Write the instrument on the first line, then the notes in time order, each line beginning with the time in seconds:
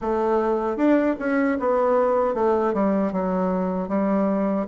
bassoon
0.01 A3
0.76 D4
1.19 C#4
1.59 B3
2.34 A3
2.73 G3
3.12 F#3
3.88 G3